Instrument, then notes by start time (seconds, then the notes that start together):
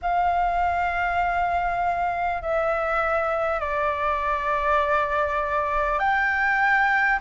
flute
0.02 F5
2.42 E5
3.59 D5
5.99 G5